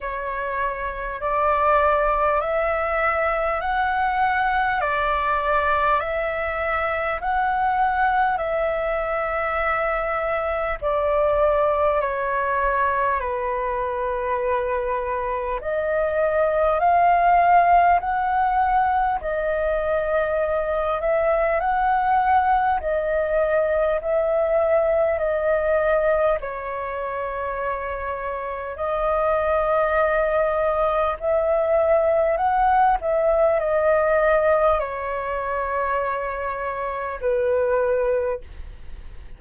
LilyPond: \new Staff \with { instrumentName = "flute" } { \time 4/4 \tempo 4 = 50 cis''4 d''4 e''4 fis''4 | d''4 e''4 fis''4 e''4~ | e''4 d''4 cis''4 b'4~ | b'4 dis''4 f''4 fis''4 |
dis''4. e''8 fis''4 dis''4 | e''4 dis''4 cis''2 | dis''2 e''4 fis''8 e''8 | dis''4 cis''2 b'4 | }